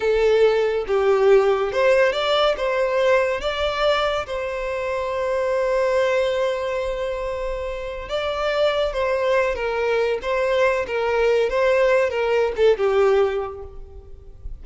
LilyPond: \new Staff \with { instrumentName = "violin" } { \time 4/4 \tempo 4 = 141 a'2 g'2 | c''4 d''4 c''2 | d''2 c''2~ | c''1~ |
c''2. d''4~ | d''4 c''4. ais'4. | c''4. ais'4. c''4~ | c''8 ais'4 a'8 g'2 | }